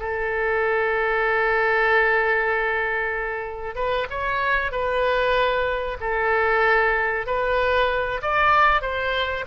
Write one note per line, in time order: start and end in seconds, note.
0.00 3.76 A4
3.76 4.07 B4
4.10 4.72 C#5
4.72 5.98 B4
6.01 7.27 A4
7.27 8.22 B4
8.22 8.82 D5
8.82 9.45 C5